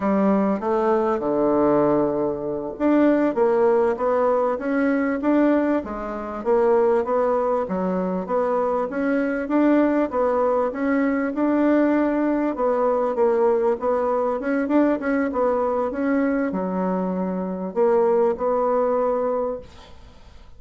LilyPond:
\new Staff \with { instrumentName = "bassoon" } { \time 4/4 \tempo 4 = 98 g4 a4 d2~ | d8 d'4 ais4 b4 cis'8~ | cis'8 d'4 gis4 ais4 b8~ | b8 fis4 b4 cis'4 d'8~ |
d'8 b4 cis'4 d'4.~ | d'8 b4 ais4 b4 cis'8 | d'8 cis'8 b4 cis'4 fis4~ | fis4 ais4 b2 | }